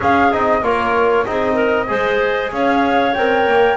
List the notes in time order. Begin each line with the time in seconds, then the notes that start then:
0.00 C#4 G#4 F5
0.31 C4 D#4 D#5
0.62 A#3 F4 A#4 C#5
1.25 C4 D#4 G#4 D#5
1.53 A#4
1.87 G#3 G#4 C5
2.51 C#4 C#5 F5
3.14 C4 A#4 G5
3.46 A#3